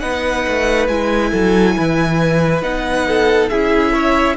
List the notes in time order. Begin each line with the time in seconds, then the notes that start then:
0.00 B3 D#4 B4 F#5
0.47 A3
0.88 G#3 E4 G#5
1.32 F#3 A4
1.77 E3 B4
2.62 B3 D#4 F#5
3.08 A4
3.49 C#4 E4 G#4 E5
3.93 C#5